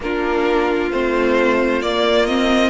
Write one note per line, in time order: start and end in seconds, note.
0.00 0.91 A#3
0.00 0.91 D4
0.00 2.70 F4
0.00 0.91 A#4
0.91 1.81 A3
0.91 1.82 C4
0.91 1.82 C5
1.81 2.70 A#3
1.81 2.27 A#3
1.81 2.25 D5
2.25 2.70 C4
2.25 2.70 D#5